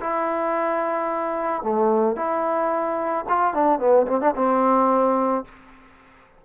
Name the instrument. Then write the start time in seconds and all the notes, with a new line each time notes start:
trombone
0.00 E4
1.62 A3
2.16 E4
3.29 F4
3.54 D4
3.79 B3
4.07 C4
4.20 D4
4.36 C4